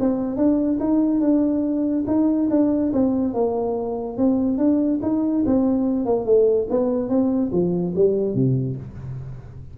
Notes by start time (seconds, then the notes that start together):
0.00 C4
0.37 D4
0.80 D#4
1.21 D4
2.07 D#4
2.50 D4
2.93 C4
3.34 A#3
4.17 C4
4.58 D4
5.02 D#4
5.46 C4
6.06 A#3
6.26 A3
6.70 B3
7.09 C4
7.52 F3
7.95 G3
8.34 C3